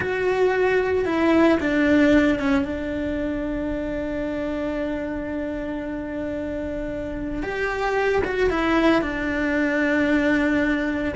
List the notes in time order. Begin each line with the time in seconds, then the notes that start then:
0.00 F#4
1.05 E4
1.60 D4
2.39 C#4
2.65 D4
7.42 G4
8.24 F#4
8.50 E4
9.01 D4